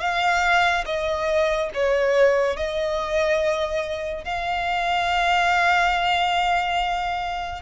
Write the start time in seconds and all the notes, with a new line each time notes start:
0.00 F5
0.86 D#5
1.74 C#5
2.57 D#5
4.24 F5